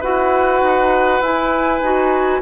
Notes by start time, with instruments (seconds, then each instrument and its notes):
0.00 bassoon E4, clarinet F#4, oboe B4, flute F#5
0.61 bassoon D#4
1.20 bassoon E4, clarinet E4, flute G#5
1.80 bassoon D#4, clarinet F#4